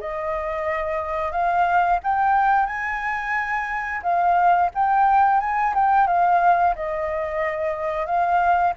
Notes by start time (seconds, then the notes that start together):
0.00 D#5
1.32 F5
2.03 G5
2.66 G#5
4.03 F5
4.74 G5
5.40 G#5
5.75 G5
6.07 F5
6.75 D#5
8.06 F5